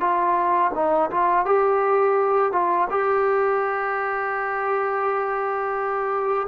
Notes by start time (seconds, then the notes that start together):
0.00 F4
0.75 D#4
1.11 F4
1.45 G4
2.52 F4
2.90 G4